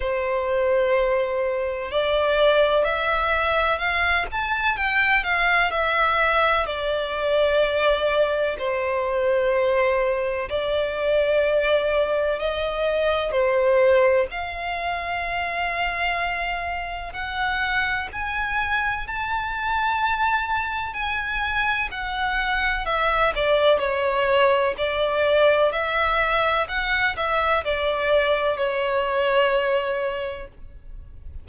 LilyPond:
\new Staff \with { instrumentName = "violin" } { \time 4/4 \tempo 4 = 63 c''2 d''4 e''4 | f''8 a''8 g''8 f''8 e''4 d''4~ | d''4 c''2 d''4~ | d''4 dis''4 c''4 f''4~ |
f''2 fis''4 gis''4 | a''2 gis''4 fis''4 | e''8 d''8 cis''4 d''4 e''4 | fis''8 e''8 d''4 cis''2 | }